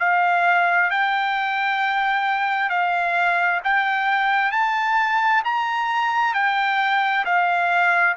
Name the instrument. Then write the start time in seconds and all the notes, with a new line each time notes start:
trumpet
0.00 F5
0.91 G5
2.70 F5
3.64 G5
4.52 A5
5.45 A#5
6.34 G5
7.25 F5